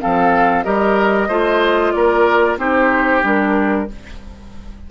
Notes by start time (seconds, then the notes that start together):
0.00 F3 C4 A4 F5
0.64 G3 G4 A#4 D#5
1.28 A3 F4 C5
1.92 A#3 A#4 D5
2.57 C4 D#4 G4 C5
3.22 G3 D4 A#4